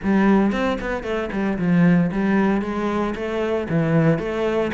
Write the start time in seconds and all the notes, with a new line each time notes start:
0.03 G3
0.51 C4
0.80 B3
1.03 A3
1.32 G3
1.58 F3
2.11 G3
2.61 G#3
3.15 A3
3.69 E3
4.18 A3